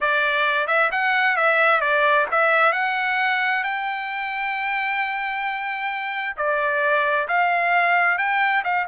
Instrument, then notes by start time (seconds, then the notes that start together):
trumpet
0.00 D5
0.67 E5
0.91 F#5
1.36 E5
1.81 D5
2.31 E5
2.72 F#5
3.63 G5
6.36 D5
7.28 F5
8.18 G5
8.64 F5